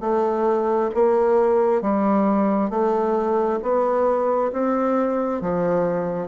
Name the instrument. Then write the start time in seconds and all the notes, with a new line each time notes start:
bassoon
0.00 A3
0.94 A#3
1.81 G3
2.69 A3
3.62 B3
4.52 C4
5.41 F3